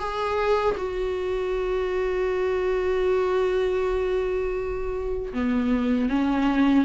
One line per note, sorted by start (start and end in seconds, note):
0.00 0.76 G#4
0.78 5.33 F#4
5.34 6.10 B3
6.10 6.85 C#4